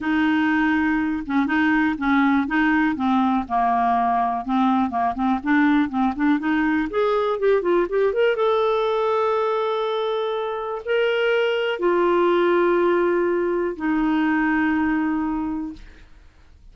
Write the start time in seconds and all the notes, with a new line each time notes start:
0.00 D#4
1.26 C#4
1.46 D#4
1.98 C#4
2.47 D#4
2.95 C4
3.48 A#3
4.45 C4
4.90 A#3
5.14 C4
5.43 D4
5.89 C4
6.15 D4
6.39 D#4
6.90 G#4
7.39 G4
7.62 F4
7.89 G4
8.13 A#4
8.36 A4
10.85 A#4
11.79 F4
13.76 D#4